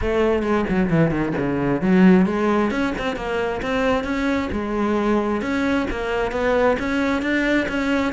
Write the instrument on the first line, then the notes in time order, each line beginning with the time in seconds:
cello
0.01 A3
0.42 G#3
0.69 F#3
0.90 E3
1.10 D#3
1.37 C#3
1.81 F#3
2.26 G#3
2.70 C#4
2.98 C4
3.16 A#3
3.62 C4
4.04 C#4
4.52 G#3
5.41 C#4
5.90 A#3
6.31 B3
6.79 C#4
7.21 D4
7.68 C#4